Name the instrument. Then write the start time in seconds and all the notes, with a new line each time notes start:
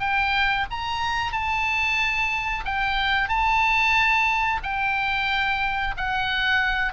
oboe
0.00 G5
0.71 A#5
1.32 A5
2.65 G5
3.28 A5
4.63 G5
5.97 F#5